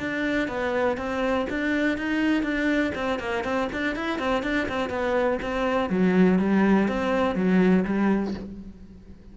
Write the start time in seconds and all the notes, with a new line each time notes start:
0.00 D4
0.48 B3
0.97 C4
1.50 D4
1.98 D#4
2.43 D4
2.95 C4
3.20 A#3
3.44 C4
3.73 D4
3.96 E4
4.19 C4
4.43 D4
4.69 C4
4.90 B3
5.42 C4
5.90 F#3
6.39 G3
6.89 C4
7.35 F#3
7.85 G3